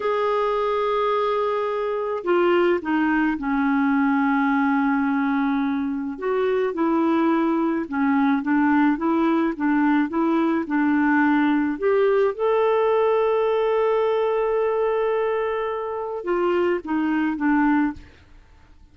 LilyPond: \new Staff \with { instrumentName = "clarinet" } { \time 4/4 \tempo 4 = 107 gis'1 | f'4 dis'4 cis'2~ | cis'2. fis'4 | e'2 cis'4 d'4 |
e'4 d'4 e'4 d'4~ | d'4 g'4 a'2~ | a'1~ | a'4 f'4 dis'4 d'4 | }